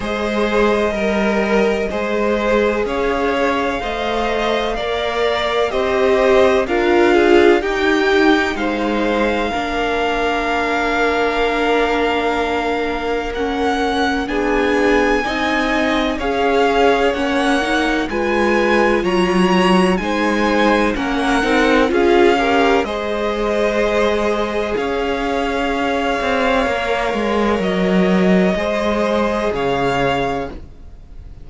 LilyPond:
<<
  \new Staff \with { instrumentName = "violin" } { \time 4/4 \tempo 4 = 63 dis''2. f''4~ | f''2 dis''4 f''4 | g''4 f''2.~ | f''2 fis''4 gis''4~ |
gis''4 f''4 fis''4 gis''4 | ais''4 gis''4 fis''4 f''4 | dis''2 f''2~ | f''4 dis''2 f''4 | }
  \new Staff \with { instrumentName = "violin" } { \time 4/4 c''4 ais'4 c''4 cis''4 | dis''4 d''4 c''4 ais'8 gis'8 | g'4 c''4 ais'2~ | ais'2. gis'4 |
dis''4 cis''2 b'4 | cis''4 c''4 ais'4 gis'8 ais'8 | c''2 cis''2~ | cis''2 c''4 cis''4 | }
  \new Staff \with { instrumentName = "viola" } { \time 4/4 gis'4 ais'4 gis'2 | c''4 ais'4 g'4 f'4 | dis'2 d'2~ | d'2 cis'4 d'4 |
dis'4 gis'4 cis'8 dis'8 f'4~ | f'4 dis'4 cis'8 dis'8 f'8 g'8 | gis'1 | ais'2 gis'2 | }
  \new Staff \with { instrumentName = "cello" } { \time 4/4 gis4 g4 gis4 cis'4 | a4 ais4 c'4 d'4 | dis'4 gis4 ais2~ | ais2. b4 |
c'4 cis'4 ais4 gis4 | fis4 gis4 ais8 c'8 cis'4 | gis2 cis'4. c'8 | ais8 gis8 fis4 gis4 cis4 | }
>>